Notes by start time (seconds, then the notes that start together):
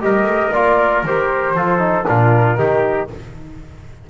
0.00 G3 G4 A#4 D#5
0.23 A3
0.53 A#3 F4 D5
1.03 D#3 G4 C5
1.54 F3 F4 A4
1.79 D#4
2.05 A#2 D4 F4 A#4
2.57 D#3 D#4 G4